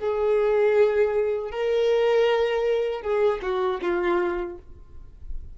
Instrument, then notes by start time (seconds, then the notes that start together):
violin
0.00 G#4
1.51 A#4
3.02 G#4
3.42 F#4
3.82 F4